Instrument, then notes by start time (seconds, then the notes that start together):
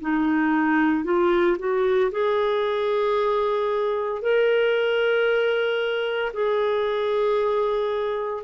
clarinet
0.00 D#4
1.04 F4
1.58 F#4
2.11 G#4
4.22 A#4
6.33 G#4